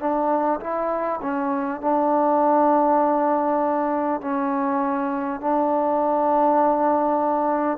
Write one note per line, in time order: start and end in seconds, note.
0.00 0.60 D4
0.61 1.21 E4
1.22 1.82 C#4
1.82 4.22 D4
4.22 5.41 C#4
5.41 7.78 D4